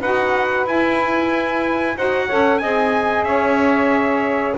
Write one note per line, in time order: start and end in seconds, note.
0.00 0.66 D#4
0.00 0.66 F#4
0.00 1.96 B4
0.00 0.67 F#5
0.66 1.96 E4
0.66 1.98 G#5
1.97 2.30 D#4
1.97 2.30 F#4
1.97 2.26 C5
1.97 2.58 F#5
2.26 2.62 C#4
2.26 2.62 A4
2.26 2.58 C#5
2.58 3.24 C4
2.58 4.57 G#4
2.58 3.26 D#5
2.58 3.24 G#5
3.24 4.54 C#4
3.24 4.57 C#5
3.24 4.55 E5